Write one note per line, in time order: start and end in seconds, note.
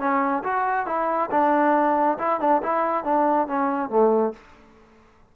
0.00 0.43 C#4
0.44 0.87 F#4
0.87 1.30 E4
1.31 2.18 D4
2.19 2.41 E4
2.41 2.62 D4
2.63 3.05 E4
3.05 3.48 D4
3.48 3.90 C#4
3.90 4.34 A3